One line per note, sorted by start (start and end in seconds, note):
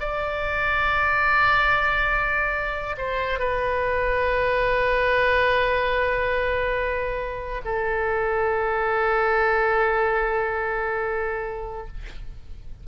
0.00 2.96 D5
2.97 3.39 C5
3.39 7.62 B4
7.65 11.87 A4